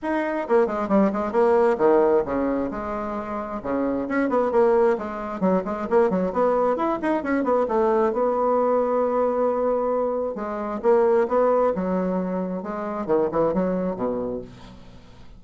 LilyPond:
\new Staff \with { instrumentName = "bassoon" } { \time 4/4 \tempo 4 = 133 dis'4 ais8 gis8 g8 gis8 ais4 | dis4 cis4 gis2 | cis4 cis'8 b8 ais4 gis4 | fis8 gis8 ais8 fis8 b4 e'8 dis'8 |
cis'8 b8 a4 b2~ | b2. gis4 | ais4 b4 fis2 | gis4 dis8 e8 fis4 b,4 | }